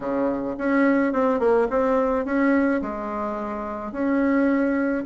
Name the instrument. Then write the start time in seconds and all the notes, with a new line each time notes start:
bassoon
0.00 C#3
0.58 C#4
1.12 C4
1.39 A#3
1.70 C4
2.25 C#4
2.81 G#3
3.92 C#4